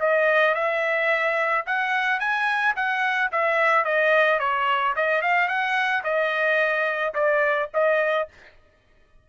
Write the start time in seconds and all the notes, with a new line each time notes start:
0.00 D#5
0.55 E5
1.67 F#5
2.20 G#5
2.76 F#5
3.32 E5
3.85 D#5
4.40 C#5
4.96 D#5
5.22 F5
5.48 F#5
6.04 D#5
7.15 D5
7.74 D#5